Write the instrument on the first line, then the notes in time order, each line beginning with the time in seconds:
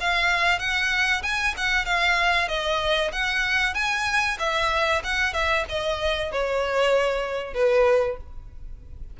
violin
0.00 F5
0.59 F#5
1.22 G#5
1.57 F#5
1.85 F5
2.48 D#5
3.12 F#5
3.74 G#5
4.39 E5
5.04 F#5
5.33 E5
5.69 D#5
6.32 C#5
7.54 B4